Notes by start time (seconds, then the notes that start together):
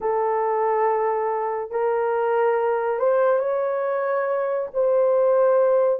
0.00 A4
1.70 A#4
2.99 C5
3.39 C#5
4.73 C5